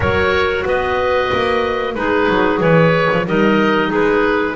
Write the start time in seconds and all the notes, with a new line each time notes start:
0.00 F#3 F#4 A#4 C#5
0.65 B3 B4 D#5
1.32 A#3
1.94 G#3 D#4 G#4 B4
2.28 F#3
2.60 E3 B4 C#5
3.11 F3
3.26 G3 D#4 A#4 D#5
3.89 G#3 G#4 B4